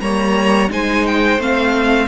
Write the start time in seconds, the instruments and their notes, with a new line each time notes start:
0.00 cello G3, viola A#3, violin C#5 A#5
0.69 cello G#3, viola D#4, violin C5 G#5
1.06 violin G5
1.38 cello A3, viola C4, violin F5